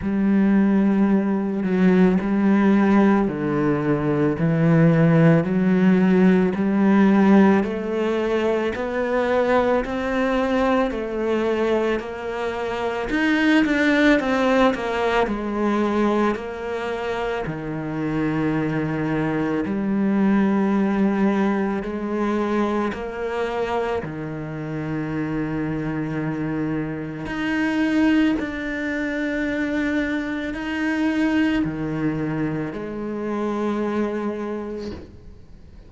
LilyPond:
\new Staff \with { instrumentName = "cello" } { \time 4/4 \tempo 4 = 55 g4. fis8 g4 d4 | e4 fis4 g4 a4 | b4 c'4 a4 ais4 | dis'8 d'8 c'8 ais8 gis4 ais4 |
dis2 g2 | gis4 ais4 dis2~ | dis4 dis'4 d'2 | dis'4 dis4 gis2 | }